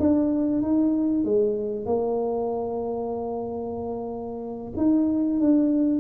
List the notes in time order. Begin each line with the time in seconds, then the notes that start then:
0.00 D4
0.62 D#4
1.25 G#3
1.86 A#3
4.77 D#4
5.40 D4